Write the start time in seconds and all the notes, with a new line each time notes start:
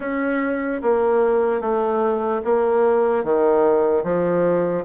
0.00 C#4
0.82 A#3
1.60 A3
2.44 A#3
3.24 D#3
4.03 F3